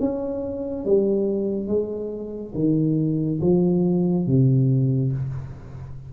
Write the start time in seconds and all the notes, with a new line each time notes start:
0.00 C#4
0.85 G3
1.68 G#3
2.55 D#3
3.41 F3
4.27 C3